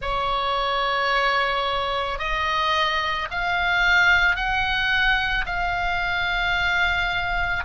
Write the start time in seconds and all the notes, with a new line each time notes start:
0.01 C#5
2.18 D#5
3.30 F5
4.36 F#5
5.45 F5